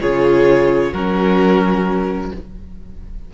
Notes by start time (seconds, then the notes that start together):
0.00 C#3 F4 G#4 C#5
0.92 F#3 C#4 F#4 A#4